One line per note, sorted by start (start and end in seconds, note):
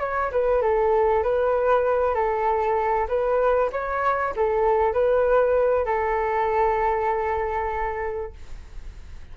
0.00 0.31 C#5
0.31 0.62 B4
0.62 1.23 A4
1.23 2.15 B4
2.15 3.07 A4
3.08 3.70 B4
3.72 4.34 C#5
4.36 4.93 A4
4.93 5.85 B4
5.85 8.33 A4